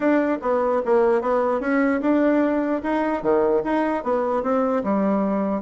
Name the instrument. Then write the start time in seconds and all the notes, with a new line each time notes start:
bassoon
0.00 D4
0.41 B3
0.85 A#3
1.21 B3
1.60 C#4
2.01 D4
2.82 D#4
3.22 D#3
3.64 D#4
4.03 B3
4.42 C4
4.83 G3